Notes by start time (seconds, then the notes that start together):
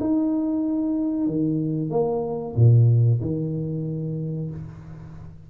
0.00 D#4
1.27 D#3
1.90 A#3
2.56 A#2
3.21 D#3